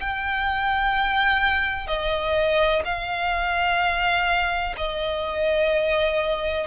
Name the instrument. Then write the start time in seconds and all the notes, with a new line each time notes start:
violin
0.00 G5
1.87 D#5
2.85 F5
4.77 D#5